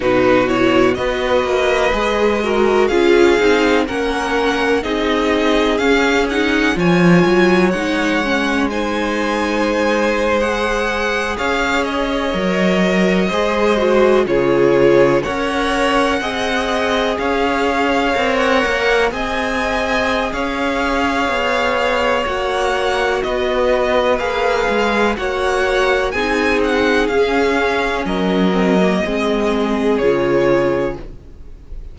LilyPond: <<
  \new Staff \with { instrumentName = "violin" } { \time 4/4 \tempo 4 = 62 b'8 cis''8 dis''2 f''4 | fis''4 dis''4 f''8 fis''8 gis''4 | fis''4 gis''4.~ gis''16 fis''4 f''16~ | f''16 dis''2~ dis''8 cis''4 fis''16~ |
fis''4.~ fis''16 f''4~ f''16 fis''8. gis''16~ | gis''4 f''2 fis''4 | dis''4 f''4 fis''4 gis''8 fis''8 | f''4 dis''2 cis''4 | }
  \new Staff \with { instrumentName = "violin" } { \time 4/4 fis'4 b'4. ais'8 gis'4 | ais'4 gis'2 cis''4~ | cis''4 c''2~ c''8. cis''16~ | cis''4.~ cis''16 c''4 gis'4 cis''16~ |
cis''8. dis''4 cis''2 dis''16~ | dis''4 cis''2. | b'2 cis''4 gis'4~ | gis'4 ais'4 gis'2 | }
  \new Staff \with { instrumentName = "viola" } { \time 4/4 dis'8 e'8 fis'4 gis'8 fis'8 f'8 dis'8 | cis'4 dis'4 cis'8 dis'8 f'4 | dis'8 cis'8 dis'4.~ dis'16 gis'4~ gis'16~ | gis'8. ais'4 gis'8 fis'8 f'4 ais'16~ |
ais'8. gis'2 ais'4 gis'16~ | gis'2. fis'4~ | fis'4 gis'4 fis'4 dis'4 | cis'4. c'16 ais16 c'4 f'4 | }
  \new Staff \with { instrumentName = "cello" } { \time 4/4 b,4 b8 ais8 gis4 cis'8 c'8 | ais4 c'4 cis'4 f8 fis8 | gis2.~ gis8. cis'16~ | cis'8. fis4 gis4 cis4 cis'16~ |
cis'8. c'4 cis'4 c'8 ais8 c'16~ | c'4 cis'4 b4 ais4 | b4 ais8 gis8 ais4 c'4 | cis'4 fis4 gis4 cis4 | }
>>